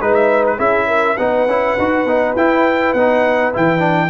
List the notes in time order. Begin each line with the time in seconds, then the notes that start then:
0.00 G#3 D#4 B4
0.15 E5
0.46 B4
0.57 C#4 E4 G#4 E5
0.87 A#4
1.17 B3 D#4 B4 F#5
1.47 C#4 E4
1.79 D#4 F#4
2.05 B3 D#4
2.36 E4 G5
2.94 B3 D#4 F#5
3.53 E3 E4 G5
3.79 D4